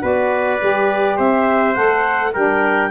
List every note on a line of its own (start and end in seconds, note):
0.00 0.60 B3
0.00 0.58 F#4
0.00 1.16 B4
0.00 1.18 D5
0.60 1.18 G3
0.60 1.74 G4
1.16 1.76 C4
1.16 2.32 C5
1.16 1.74 E5
1.74 2.34 A3
1.74 2.32 A4
1.74 2.32 F#5
2.33 2.91 G3
2.33 2.91 D4
2.33 2.90 A#4
2.33 2.91 G5